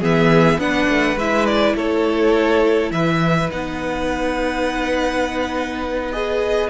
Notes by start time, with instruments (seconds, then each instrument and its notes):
0.00 cello E3, viola B3, violin G#4 E5
0.58 cello B3, viola D4, violin B4 F#5
0.89 cello A3
1.16 cello G#3, viola E4, violin E5
1.46 violin D5
1.75 cello A3, violin A4 C#5
2.91 cello E3, violin B4 E5
3.50 cello B3, viola D#4, violin F#5
6.12 viola G#4, violin D#5